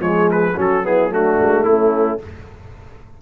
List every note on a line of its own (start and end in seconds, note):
0.00 0.55 F3
0.00 0.55 G#3
0.00 0.55 G#4
0.00 0.29 C#5
0.31 0.59 B4
0.56 1.39 F#3
0.56 0.83 C#4
0.56 0.84 F#4
0.56 0.86 A4
0.84 1.10 B3
0.84 1.12 E4
0.84 1.13 G#4
1.10 2.19 A3
1.10 1.67 D4
1.10 1.64 F#4
1.40 1.66 G#3
1.64 2.20 A3
1.64 2.22 C#4
1.64 2.19 E4